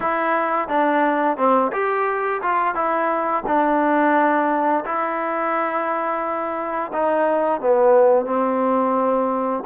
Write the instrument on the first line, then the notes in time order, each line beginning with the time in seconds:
trombone
0.00 E4
0.68 D4
1.37 C4
1.72 G4
2.42 F4
2.74 E4
3.46 D4
4.84 E4
6.92 D#4
7.60 B3
8.25 C4